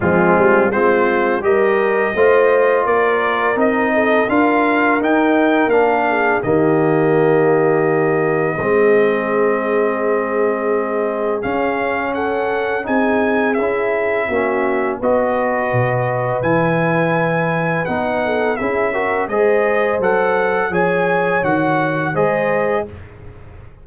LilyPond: <<
  \new Staff \with { instrumentName = "trumpet" } { \time 4/4 \tempo 4 = 84 f'4 c''4 dis''2 | d''4 dis''4 f''4 g''4 | f''4 dis''2.~ | dis''1 |
f''4 fis''4 gis''4 e''4~ | e''4 dis''2 gis''4~ | gis''4 fis''4 e''4 dis''4 | fis''4 gis''4 fis''4 dis''4 | }
  \new Staff \with { instrumentName = "horn" } { \time 4/4 c'4 f'4 ais'4 c''4 | ais'4. a'8 ais'2~ | ais'8 gis'8 g'2. | gis'1~ |
gis'4 a'4 gis'2 | fis'4 b'2.~ | b'4. a'8 gis'8 ais'8 c''4~ | c''4 cis''2 c''4 | }
  \new Staff \with { instrumentName = "trombone" } { \time 4/4 gis4 c'4 g'4 f'4~ | f'4 dis'4 f'4 dis'4 | d'4 ais2. | c'1 |
cis'2 dis'4 e'4 | cis'4 fis'2 e'4~ | e'4 dis'4 e'8 fis'8 gis'4 | a'4 gis'4 fis'4 gis'4 | }
  \new Staff \with { instrumentName = "tuba" } { \time 4/4 f8 g8 gis4 g4 a4 | ais4 c'4 d'4 dis'4 | ais4 dis2. | gis1 |
cis'2 c'4 cis'4 | ais4 b4 b,4 e4~ | e4 b4 cis'4 gis4 | fis4 f4 dis4 gis4 | }
>>